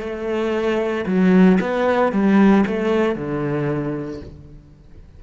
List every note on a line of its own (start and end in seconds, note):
0.00 1.05 A3
1.06 1.59 F#3
1.61 2.12 B3
2.12 2.65 G3
2.67 3.15 A3
3.15 4.21 D3